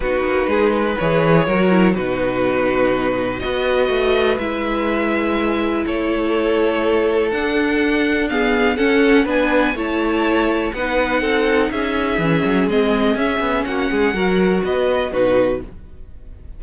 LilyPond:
<<
  \new Staff \with { instrumentName = "violin" } { \time 4/4 \tempo 4 = 123 b'2 cis''2 | b'2. dis''4~ | dis''4 e''2. | cis''2. fis''4~ |
fis''4 f''4 fis''4 gis''4 | a''2 fis''2 | e''2 dis''4 e''4 | fis''2 dis''4 b'4 | }
  \new Staff \with { instrumentName = "violin" } { \time 4/4 fis'4 gis'8 b'4. ais'4 | fis'2. b'4~ | b'1 | a'1~ |
a'4 gis'4 a'4 b'4 | cis''2 b'4 a'4 | gis'1 | fis'8 gis'8 ais'4 b'4 fis'4 | }
  \new Staff \with { instrumentName = "viola" } { \time 4/4 dis'2 gis'4 fis'8 e'8 | dis'2. fis'4~ | fis'4 e'2.~ | e'2. d'4~ |
d'4 b4 cis'4 d'4 | e'2 dis'2~ | dis'4 cis'4 c'4 cis'4~ | cis'4 fis'2 dis'4 | }
  \new Staff \with { instrumentName = "cello" } { \time 4/4 b8 ais8 gis4 e4 fis4 | b,2. b4 | a4 gis2. | a2. d'4~ |
d'2 cis'4 b4 | a2 b4 c'4 | cis'4 e8 fis8 gis4 cis'8 b8 | ais8 gis8 fis4 b4 b,4 | }
>>